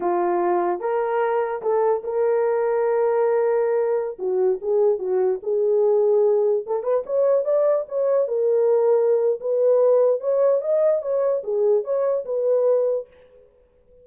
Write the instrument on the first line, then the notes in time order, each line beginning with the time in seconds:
horn
0.00 F4
0.80 A#4
1.62 A4
2.03 A#4
4.18 F#4
4.61 G#4
4.98 F#4
5.42 G#4
6.66 A4
6.83 B4
7.06 C#5
7.45 D5
7.88 C#5
8.27 A#4
9.40 B4
10.20 C#5
10.61 D#5
11.02 C#5
11.43 G#4
11.83 C#5
12.25 B4